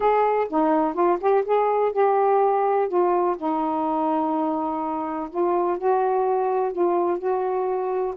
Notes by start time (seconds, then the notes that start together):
0.00 G#4
0.49 D#4
0.93 F4
1.20 G4
1.45 G#4
1.92 G4
2.88 F4
3.37 D#4
5.30 F4
5.78 F#4
6.72 F4
7.18 F#4